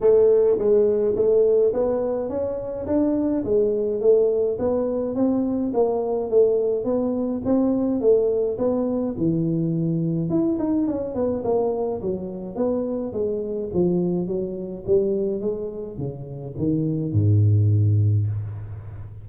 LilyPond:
\new Staff \with { instrumentName = "tuba" } { \time 4/4 \tempo 4 = 105 a4 gis4 a4 b4 | cis'4 d'4 gis4 a4 | b4 c'4 ais4 a4 | b4 c'4 a4 b4 |
e2 e'8 dis'8 cis'8 b8 | ais4 fis4 b4 gis4 | f4 fis4 g4 gis4 | cis4 dis4 gis,2 | }